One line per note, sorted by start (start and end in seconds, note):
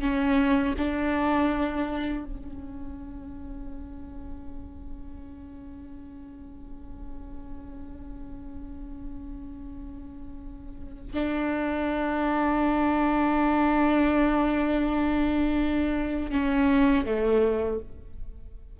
0.00 0.74 C#4
0.77 2.24 D4
2.24 11.13 C#4
11.13 16.31 D4
16.31 17.05 C#4
17.05 17.79 A3